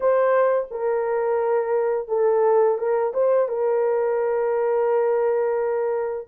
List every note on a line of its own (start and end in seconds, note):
0.00 0.67 C5
0.70 2.08 A#4
2.08 2.77 A4
2.77 3.12 A#4
3.13 3.48 C5
3.48 6.27 A#4